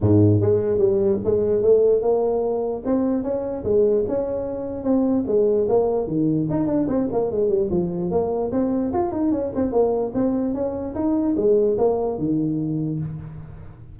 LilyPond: \new Staff \with { instrumentName = "tuba" } { \time 4/4 \tempo 4 = 148 gis,4 gis4 g4 gis4 | a4 ais2 c'4 | cis'4 gis4 cis'2 | c'4 gis4 ais4 dis4 |
dis'8 d'8 c'8 ais8 gis8 g8 f4 | ais4 c'4 f'8 dis'8 cis'8 c'8 | ais4 c'4 cis'4 dis'4 | gis4 ais4 dis2 | }